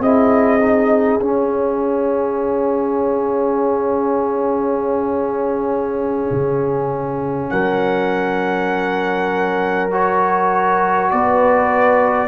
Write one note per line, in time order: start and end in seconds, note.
0.00 1.20 C4
0.00 0.60 E4
0.00 7.52 G#4
0.00 1.21 D#5
0.60 1.20 D#4
1.20 6.30 C#4
1.20 9.91 C#4
1.20 7.50 F5
6.32 7.52 C#3
7.50 11.12 F#3
7.50 11.12 A#4
7.50 9.90 F#5
9.91 12.29 F#4
9.91 11.11 C#5
11.11 12.29 B3
11.11 12.29 B4
11.11 12.29 D5